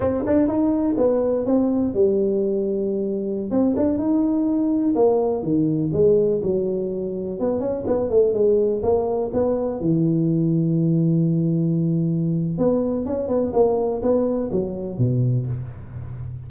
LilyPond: \new Staff \with { instrumentName = "tuba" } { \time 4/4 \tempo 4 = 124 c'8 d'8 dis'4 b4 c'4 | g2.~ g16 c'8 d'16~ | d'16 dis'2 ais4 dis8.~ | dis16 gis4 fis2 b8 cis'16~ |
cis'16 b8 a8 gis4 ais4 b8.~ | b16 e2.~ e8.~ | e2 b4 cis'8 b8 | ais4 b4 fis4 b,4 | }